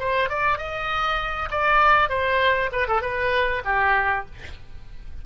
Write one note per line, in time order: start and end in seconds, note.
0.00 0.30 C5
0.30 0.58 D5
0.58 1.49 D#5
1.52 2.10 D5
2.10 2.70 C5
2.72 2.88 B4
2.88 3.02 A4
3.02 3.63 B4
3.65 4.26 G4